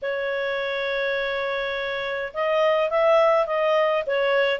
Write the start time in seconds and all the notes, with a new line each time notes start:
0.02 C#5
2.33 D#5
2.90 E5
3.46 D#5
4.06 C#5